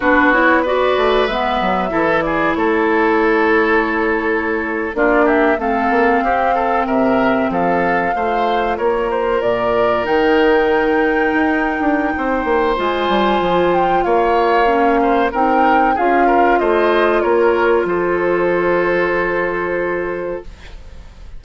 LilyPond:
<<
  \new Staff \with { instrumentName = "flute" } { \time 4/4 \tempo 4 = 94 b'8 cis''8 d''4 e''4. d''8 | cis''2.~ cis''8. d''16~ | d''16 e''8 f''2 e''4 f''16~ | f''4.~ f''16 cis''8 c''8 d''4 g''16~ |
g''1 | gis''4. g''8 f''2 | g''4 f''4 dis''4 cis''4 | c''1 | }
  \new Staff \with { instrumentName = "oboe" } { \time 4/4 fis'4 b'2 a'8 gis'8 | a'2.~ a'8. f'16~ | f'16 g'8 a'4 g'8 a'8 ais'4 a'16~ | a'8. c''4 ais'2~ ais'16~ |
ais'2. c''4~ | c''2 cis''4. c''8 | ais'4 gis'8 ais'8 c''4 ais'4 | a'1 | }
  \new Staff \with { instrumentName = "clarinet" } { \time 4/4 d'8 e'8 fis'4 b4 e'4~ | e'2.~ e'8. d'16~ | d'8. c'2.~ c'16~ | c'8. f'2. dis'16~ |
dis'1 | f'2. cis'4 | dis'4 f'2.~ | f'1 | }
  \new Staff \with { instrumentName = "bassoon" } { \time 4/4 b4. a8 gis8 fis8 e4 | a2.~ a8. ais16~ | ais8. a8 ais8 c'4 c4 f16~ | f8. a4 ais4 ais,4 dis16~ |
dis4.~ dis16 dis'8. d'8 c'8 ais8 | gis8 g8 f4 ais2 | c'4 cis'4 a4 ais4 | f1 | }
>>